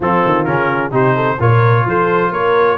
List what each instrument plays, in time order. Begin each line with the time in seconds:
0.00 tuba F3, trombone C4, horn F4, trumpet A4
0.25 tuba D#3
0.44 tuba C#3, trombone C#4, trumpet A#4
0.91 tuba C3, trombone D#4, horn G4, trumpet C5
1.15 horn A4
1.39 tuba A#2, trombone F4, horn A#4, trumpet C#5
1.85 tuba F3, horn A4, trumpet C5
2.31 tuba A#3, horn A#4, trumpet C#5